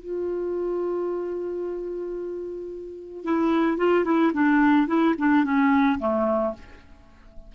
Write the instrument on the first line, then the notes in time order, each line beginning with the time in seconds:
clarinet
0.00 F4
3.25 E4
3.78 F4
4.05 E4
4.34 D4
4.88 E4
5.18 D4
5.44 C#4
6.00 A3